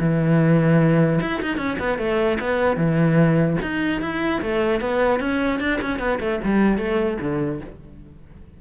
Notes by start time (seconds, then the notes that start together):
0.00 E3
1.22 E4
1.42 D#4
1.57 C#4
1.79 B3
1.99 A3
2.41 B3
2.77 E3
3.62 D#4
4.02 E4
4.42 A3
4.81 B3
5.20 C#4
5.60 D4
5.82 C#4
5.99 B3
6.20 A3
6.45 G3
6.78 A3
7.21 D3